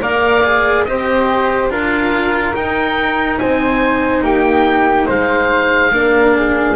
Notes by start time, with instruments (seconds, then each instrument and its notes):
0.00 double bass A#3, cello A#4, flute D5, oboe F5
0.44 cello G#4
0.84 double bass C4, cello G4, flute C5, oboe D#5
1.69 double bass D4, cello F4, flute A#4, oboe F5
2.53 cello D#4, double bass D#4, oboe G5
3.38 double bass C4, flute C5, oboe G#5
4.21 double bass A#3, flute G4, oboe G5
5.06 double bass G#3, flute C5, oboe F5
5.92 double bass A#3, cello D4, flute A#4
6.36 flute G#4